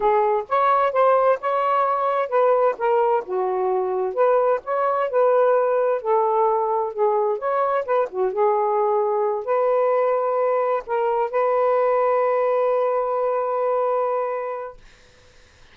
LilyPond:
\new Staff \with { instrumentName = "saxophone" } { \time 4/4 \tempo 4 = 130 gis'4 cis''4 c''4 cis''4~ | cis''4 b'4 ais'4 fis'4~ | fis'4 b'4 cis''4 b'4~ | b'4 a'2 gis'4 |
cis''4 b'8 fis'8 gis'2~ | gis'8 b'2. ais'8~ | ais'8 b'2.~ b'8~ | b'1 | }